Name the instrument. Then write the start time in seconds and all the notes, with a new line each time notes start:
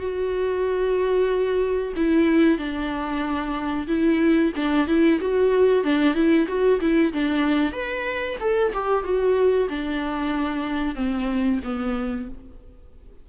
viola
0.00 F#4
1.96 E4
2.59 D4
3.88 E4
4.56 D4
4.88 E4
5.21 F#4
5.84 D4
6.15 E4
6.48 F#4
6.81 E4
7.14 D4
7.73 B4
8.41 A4
8.74 G4
9.04 F#4
9.69 D4
10.96 C4
11.65 B3